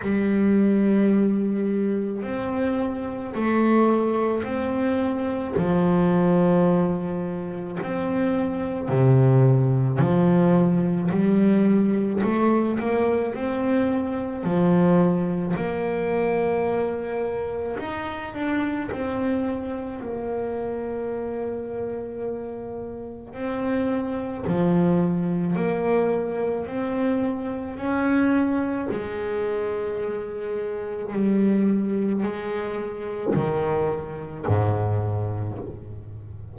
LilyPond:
\new Staff \with { instrumentName = "double bass" } { \time 4/4 \tempo 4 = 54 g2 c'4 a4 | c'4 f2 c'4 | c4 f4 g4 a8 ais8 | c'4 f4 ais2 |
dis'8 d'8 c'4 ais2~ | ais4 c'4 f4 ais4 | c'4 cis'4 gis2 | g4 gis4 dis4 gis,4 | }